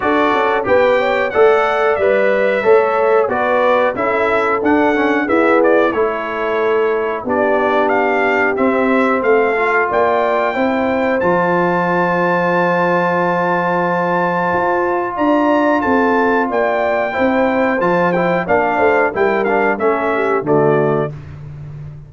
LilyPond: <<
  \new Staff \with { instrumentName = "trumpet" } { \time 4/4 \tempo 4 = 91 d''4 g''4 fis''4 e''4~ | e''4 d''4 e''4 fis''4 | e''8 d''8 cis''2 d''4 | f''4 e''4 f''4 g''4~ |
g''4 a''2.~ | a''2. ais''4 | a''4 g''2 a''8 g''8 | f''4 g''8 f''8 e''4 d''4 | }
  \new Staff \with { instrumentName = "horn" } { \time 4/4 a'4 b'8 cis''8 d''2 | cis''4 b'4 a'2 | gis'4 a'2 g'4~ | g'2 a'4 d''4 |
c''1~ | c''2. d''4 | a'4 d''4 c''2 | d''8 c''8 ais'4 a'8 g'8 fis'4 | }
  \new Staff \with { instrumentName = "trombone" } { \time 4/4 fis'4 g'4 a'4 b'4 | a'4 fis'4 e'4 d'8 cis'8 | b4 e'2 d'4~ | d'4 c'4. f'4. |
e'4 f'2.~ | f'1~ | f'2 e'4 f'8 e'8 | d'4 e'8 d'8 cis'4 a4 | }
  \new Staff \with { instrumentName = "tuba" } { \time 4/4 d'8 cis'8 b4 a4 g4 | a4 b4 cis'4 d'4 | e'4 a2 b4~ | b4 c'4 a4 ais4 |
c'4 f2.~ | f2 f'4 d'4 | c'4 ais4 c'4 f4 | ais8 a8 g4 a4 d4 | }
>>